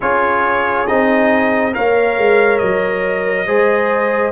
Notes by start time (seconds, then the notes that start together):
0.00 C#4 F4 G#4 C#5
0.87 C4 D#4 D#5
1.72 A#3 A#4 C#5 F5
2.18 G#3
2.57 F#3 D#5
3.47 G#3 G#4 C5